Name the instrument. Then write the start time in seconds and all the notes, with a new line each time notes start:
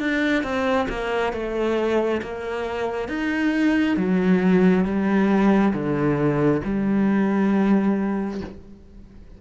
cello
0.00 D4
0.43 C4
0.89 A#3
1.33 A3
2.22 A#3
3.09 D#4
3.97 F#3
4.85 G3
5.74 D3
6.65 G3